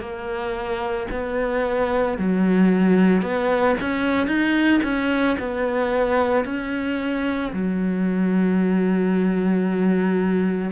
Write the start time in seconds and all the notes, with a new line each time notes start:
0.00 A#3
1.11 B3
2.18 F#3
3.22 B3
3.81 C#4
4.27 D#4
4.83 C#4
5.39 B3
6.45 C#4
7.53 F#3